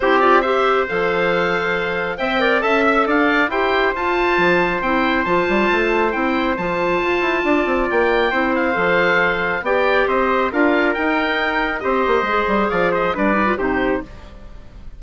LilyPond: <<
  \new Staff \with { instrumentName = "oboe" } { \time 4/4 \tempo 4 = 137 c''8 d''8 e''4 f''2~ | f''4 g''4 a''8 e''8 f''4 | g''4 a''2 g''4 | a''2 g''4 a''4~ |
a''2 g''4. f''8~ | f''2 g''4 dis''4 | f''4 g''2 dis''4~ | dis''4 f''8 dis''8 d''4 c''4 | }
  \new Staff \with { instrumentName = "trumpet" } { \time 4/4 g'4 c''2.~ | c''4 e''8 d''8 e''4 d''4 | c''1~ | c''1~ |
c''4 d''2 c''4~ | c''2 d''4 c''4 | ais'2. c''4~ | c''4 d''8 c''8 b'4 g'4 | }
  \new Staff \with { instrumentName = "clarinet" } { \time 4/4 e'8 f'8 g'4 a'2~ | a'4 c''8 ais'8 a'2 | g'4 f'2 e'4 | f'2 e'4 f'4~ |
f'2. e'4 | a'2 g'2 | f'4 dis'2 g'4 | gis'2 d'8 dis'16 f'16 dis'4 | }
  \new Staff \with { instrumentName = "bassoon" } { \time 4/4 c'2 f2~ | f4 c'4 cis'4 d'4 | e'4 f'4 f4 c'4 | f8 g8 a4 c'4 f4 |
f'8 e'8 d'8 c'8 ais4 c'4 | f2 b4 c'4 | d'4 dis'2 c'8 ais8 | gis8 g8 f4 g4 c4 | }
>>